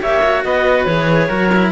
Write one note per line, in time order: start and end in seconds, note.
0.00 0.45 A#3
0.00 0.22 G4
0.00 0.44 C#5
0.00 0.44 E5
0.23 0.88 F#4
0.44 0.86 B3
0.44 1.28 B4
0.44 0.85 D#5
0.85 1.30 E3
0.85 1.29 G#4
0.85 1.71 C#5
1.28 1.72 F#3
1.28 1.51 F#4
1.28 1.71 A#4
1.54 1.72 E4